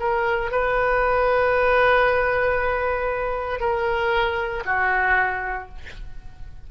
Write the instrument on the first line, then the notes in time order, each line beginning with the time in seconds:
oboe
0.00 A#4
0.51 B4
3.60 A#4
4.66 F#4